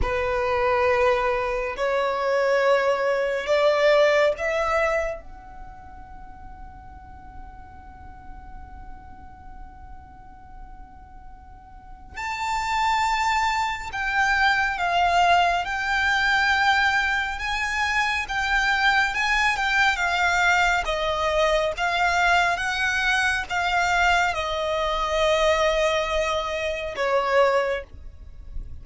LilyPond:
\new Staff \with { instrumentName = "violin" } { \time 4/4 \tempo 4 = 69 b'2 cis''2 | d''4 e''4 fis''2~ | fis''1~ | fis''2 a''2 |
g''4 f''4 g''2 | gis''4 g''4 gis''8 g''8 f''4 | dis''4 f''4 fis''4 f''4 | dis''2. cis''4 | }